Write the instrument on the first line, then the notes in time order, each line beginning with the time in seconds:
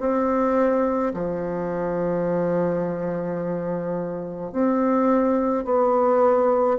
bassoon
0.00 C4
1.14 F3
4.52 C4
5.65 B3